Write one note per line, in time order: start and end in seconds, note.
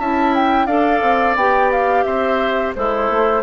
0.00 0.67 C#4
0.00 0.68 E4
0.00 0.67 E5
0.00 0.35 A5
0.35 0.67 G5
0.67 1.02 D4
0.67 1.37 A4
0.67 2.05 D5
0.67 1.36 F5
1.02 1.36 C4
1.36 2.05 B3
1.36 2.76 G4
1.36 1.71 G5
1.72 2.04 F5
2.04 2.74 C4
2.04 2.75 C5
2.04 2.73 E5
2.76 3.09 G#3
2.76 3.43 E4
2.76 3.43 A4
2.76 3.43 C5
3.09 3.43 A3